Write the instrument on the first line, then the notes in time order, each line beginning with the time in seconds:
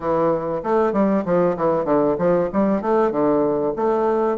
bassoon
0.00 E3
0.63 A3
0.92 G3
1.25 F3
1.56 E3
1.84 D3
2.18 F3
2.53 G3
2.81 A3
3.11 D3
3.76 A3